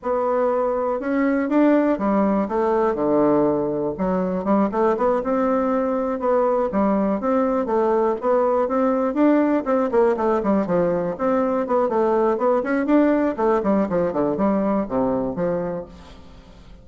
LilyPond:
\new Staff \with { instrumentName = "bassoon" } { \time 4/4 \tempo 4 = 121 b2 cis'4 d'4 | g4 a4 d2 | fis4 g8 a8 b8 c'4.~ | c'8 b4 g4 c'4 a8~ |
a8 b4 c'4 d'4 c'8 | ais8 a8 g8 f4 c'4 b8 | a4 b8 cis'8 d'4 a8 g8 | f8 d8 g4 c4 f4 | }